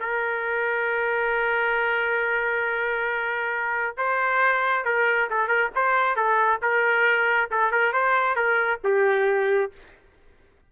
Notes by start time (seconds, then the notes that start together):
0.00 A#4
3.97 C5
4.85 A#4
5.30 A4
5.48 A#4
5.75 C5
6.16 A4
6.62 A#4
7.51 A4
7.72 A#4
7.93 C5
8.36 A#4
8.84 G4